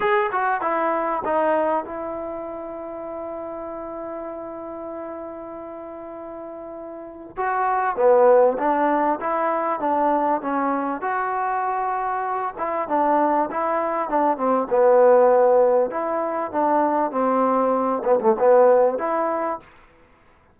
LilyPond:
\new Staff \with { instrumentName = "trombone" } { \time 4/4 \tempo 4 = 98 gis'8 fis'8 e'4 dis'4 e'4~ | e'1~ | e'1 | fis'4 b4 d'4 e'4 |
d'4 cis'4 fis'2~ | fis'8 e'8 d'4 e'4 d'8 c'8 | b2 e'4 d'4 | c'4. b16 a16 b4 e'4 | }